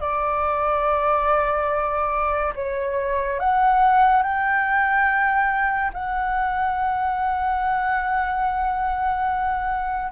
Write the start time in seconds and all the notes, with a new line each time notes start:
0.00 D5
2.55 C#5
3.40 F#5
4.23 G5
5.93 F#5